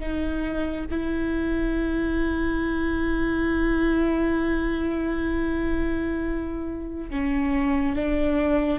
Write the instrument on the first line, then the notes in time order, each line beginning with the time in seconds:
viola
0.00 D#4
0.91 E4
7.10 C#4
7.96 D4